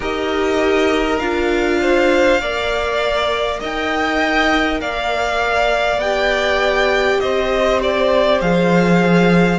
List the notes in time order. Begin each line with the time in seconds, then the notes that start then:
0.00 D#4 G4 A#4 D#5
1.19 D4 F4 F5
1.81 C5
2.40 A#3 A#4 D5
3.60 D#4 D#5 G5
4.80 A#3 D5 F5
5.98 B3 G4 G5
7.20 C4 C5 D#5
7.82 D5
8.41 F3 G#4 F5